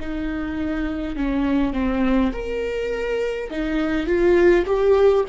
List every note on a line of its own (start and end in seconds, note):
0.00 1.16 D#4
1.16 1.73 C#4
1.73 2.32 C4
2.32 3.50 A#4
3.50 4.06 D#4
4.06 4.65 F4
4.66 5.25 G4